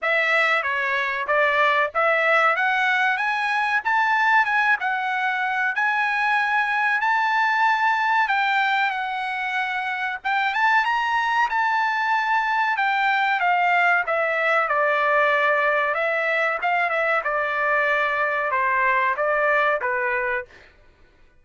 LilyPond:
\new Staff \with { instrumentName = "trumpet" } { \time 4/4 \tempo 4 = 94 e''4 cis''4 d''4 e''4 | fis''4 gis''4 a''4 gis''8 fis''8~ | fis''4 gis''2 a''4~ | a''4 g''4 fis''2 |
g''8 a''8 ais''4 a''2 | g''4 f''4 e''4 d''4~ | d''4 e''4 f''8 e''8 d''4~ | d''4 c''4 d''4 b'4 | }